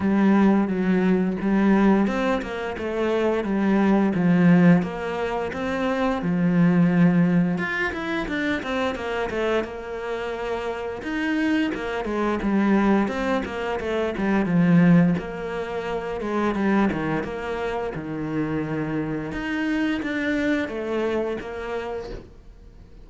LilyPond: \new Staff \with { instrumentName = "cello" } { \time 4/4 \tempo 4 = 87 g4 fis4 g4 c'8 ais8 | a4 g4 f4 ais4 | c'4 f2 f'8 e'8 | d'8 c'8 ais8 a8 ais2 |
dis'4 ais8 gis8 g4 c'8 ais8 | a8 g8 f4 ais4. gis8 | g8 dis8 ais4 dis2 | dis'4 d'4 a4 ais4 | }